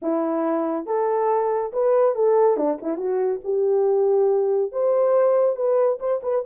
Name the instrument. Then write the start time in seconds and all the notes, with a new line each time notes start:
horn
0.02 E4
0.86 A4
1.72 B4
2.15 A4
2.56 D4
2.82 E4
2.97 F#4
3.43 G4
4.71 C5
5.56 B4
5.99 C5
6.23 B4